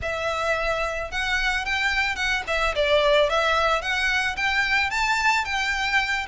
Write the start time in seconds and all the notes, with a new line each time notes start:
0.01 E5
1.11 F#5
1.65 G5
2.15 F#5
2.47 E5
2.75 D5
3.29 E5
3.81 F#5
4.36 G5
4.90 A5
5.44 G5